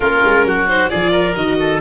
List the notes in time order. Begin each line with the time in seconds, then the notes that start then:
0.00 A#3 C#4 F4 A#4
0.24 G#3
0.45 F#3 F#4
0.68 D#4 C5
0.89 F3 F4 G#4 D5
1.11 A#4
1.35 D#3 F#4 D#5
1.59 A4